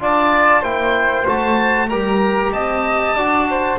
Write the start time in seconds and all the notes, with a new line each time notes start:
0.00 D4 F4 D5 A5
0.61 A#3 E4 C5 G5
1.26 A3 F#4 A5
1.89 G3 G4 A#4 A#5
2.53 C4 D#5 A5
3.15 D4 F#4 D5
3.50 C5